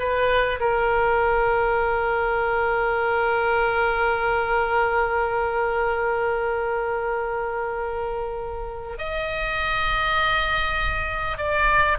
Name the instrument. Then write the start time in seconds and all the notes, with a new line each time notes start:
oboe
0.00 B4
0.61 A#4
8.98 D#5
11.38 D5